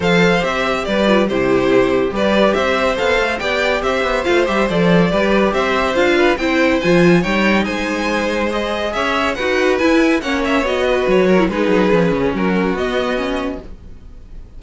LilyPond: <<
  \new Staff \with { instrumentName = "violin" } { \time 4/4 \tempo 4 = 141 f''4 e''4 d''4 c''4~ | c''4 d''4 e''4 f''4 | g''4 e''4 f''8 e''8 d''4~ | d''4 e''4 f''4 g''4 |
gis''4 g''4 gis''2 | dis''4 e''4 fis''4 gis''4 | fis''8 e''8 dis''4 cis''4 b'4~ | b'4 ais'4 dis''2 | }
  \new Staff \with { instrumentName = "violin" } { \time 4/4 c''2 b'4 g'4~ | g'4 b'4 c''2 | d''4 c''2. | b'4 c''4. b'8 c''4~ |
c''4 cis''4 c''2~ | c''4 cis''4 b'2 | cis''4. b'4 ais'8 gis'4~ | gis'4 fis'2. | }
  \new Staff \with { instrumentName = "viola" } { \time 4/4 a'4 g'4. f'8 e'4~ | e'4 g'2 a'4 | g'2 f'8 g'8 a'4 | g'2 f'4 e'4 |
f'4 dis'2. | gis'2 fis'4 e'4 | cis'4 fis'4.~ fis'16 e'16 dis'4 | cis'2 b4 cis'4 | }
  \new Staff \with { instrumentName = "cello" } { \time 4/4 f4 c'4 g4 c4~ | c4 g4 c'4 b8 a8 | b4 c'8 b8 a8 g8 f4 | g4 c'4 d'4 c'4 |
f4 g4 gis2~ | gis4 cis'4 dis'4 e'4 | ais4 b4 fis4 gis8 fis8 | f8 cis8 fis4 b2 | }
>>